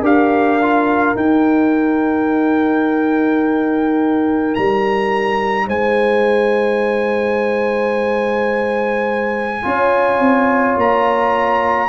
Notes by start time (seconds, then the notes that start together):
0.00 D4 G4 A#4 F5
0.62 F4
1.16 D#4 G5
4.55 G3 A#5
5.67 G#3 C5 G#5
9.63 C#4 F4 C#5
10.19 C4
10.77 A#3 A#5